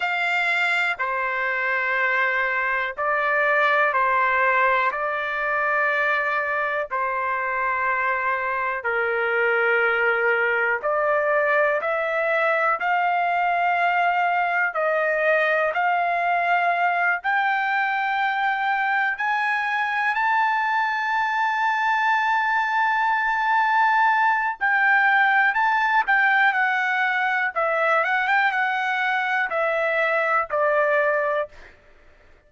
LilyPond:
\new Staff \with { instrumentName = "trumpet" } { \time 4/4 \tempo 4 = 61 f''4 c''2 d''4 | c''4 d''2 c''4~ | c''4 ais'2 d''4 | e''4 f''2 dis''4 |
f''4. g''2 gis''8~ | gis''8 a''2.~ a''8~ | a''4 g''4 a''8 g''8 fis''4 | e''8 fis''16 g''16 fis''4 e''4 d''4 | }